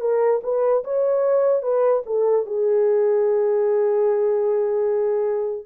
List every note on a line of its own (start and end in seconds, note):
0.00 0.41 A#4
0.42 0.83 B4
0.84 1.62 C#5
1.62 2.02 B4
2.06 2.45 A4
2.45 5.66 G#4